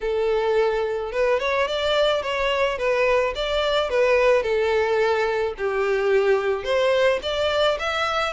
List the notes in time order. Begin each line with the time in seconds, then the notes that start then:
0.01 A4
1.12 B4
1.39 C#5
1.67 D5
2.22 C#5
2.78 B4
3.35 D5
3.89 B4
4.43 A4
5.57 G4
6.64 C5
7.22 D5
7.79 E5